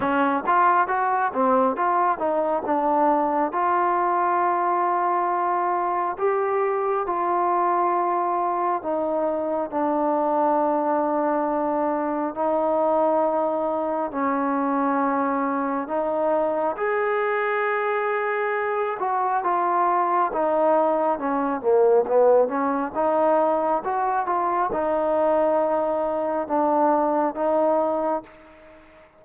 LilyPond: \new Staff \with { instrumentName = "trombone" } { \time 4/4 \tempo 4 = 68 cis'8 f'8 fis'8 c'8 f'8 dis'8 d'4 | f'2. g'4 | f'2 dis'4 d'4~ | d'2 dis'2 |
cis'2 dis'4 gis'4~ | gis'4. fis'8 f'4 dis'4 | cis'8 ais8 b8 cis'8 dis'4 fis'8 f'8 | dis'2 d'4 dis'4 | }